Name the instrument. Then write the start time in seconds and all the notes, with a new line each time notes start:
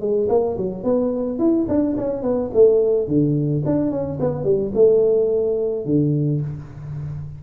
tuba
0.00 G#3
0.29 A#3
0.57 F#3
0.83 B3
1.38 E4
1.68 D4
1.97 C#4
2.22 B3
2.54 A3
3.07 D3
3.65 D4
3.90 C#4
4.20 B3
4.44 G3
4.74 A3
5.85 D3